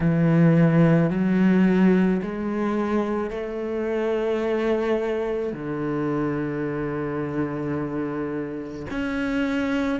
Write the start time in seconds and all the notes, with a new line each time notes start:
0.00 E3
1.10 F#3
2.22 G#3
3.30 A3
5.53 D3
8.90 C#4